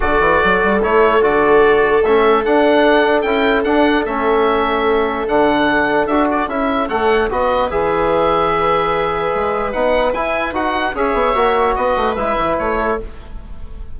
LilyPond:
<<
  \new Staff \with { instrumentName = "oboe" } { \time 4/4 \tempo 4 = 148 d''2 cis''4 d''4~ | d''4 e''4 fis''2 | g''4 fis''4 e''2~ | e''4 fis''2 e''8 d''8 |
e''4 fis''4 dis''4 e''4~ | e''1 | fis''4 gis''4 fis''4 e''4~ | e''4 dis''4 e''4 cis''4 | }
  \new Staff \with { instrumentName = "viola" } { \time 4/4 a'1~ | a'1~ | a'1~ | a'1~ |
a'4 cis''4 b'2~ | b'1~ | b'2. cis''4~ | cis''4 b'2~ b'8 a'8 | }
  \new Staff \with { instrumentName = "trombone" } { \time 4/4 fis'2 e'4 fis'4~ | fis'4 cis'4 d'2 | e'4 d'4 cis'2~ | cis'4 d'2 fis'4 |
e'4 a'4 fis'4 gis'4~ | gis'1 | dis'4 e'4 fis'4 gis'4 | fis'2 e'2 | }
  \new Staff \with { instrumentName = "bassoon" } { \time 4/4 d8 e8 fis8 g8 a4 d4~ | d4 a4 d'2 | cis'4 d'4 a2~ | a4 d2 d'4 |
cis'4 a4 b4 e4~ | e2. gis4 | b4 e'4 dis'4 cis'8 b8 | ais4 b8 a8 gis8 e8 a4 | }
>>